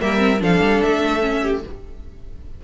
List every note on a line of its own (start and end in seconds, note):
0.00 0.40 G3
0.00 0.18 A#3
0.00 0.42 A#4
0.00 0.41 E5
0.18 0.38 C4
0.40 0.60 F3
0.40 1.20 D4
0.40 1.41 A4
0.40 0.82 F5
0.61 0.81 G3
0.82 1.63 A3
0.82 1.62 E5
1.20 1.60 C#4
1.41 1.61 G4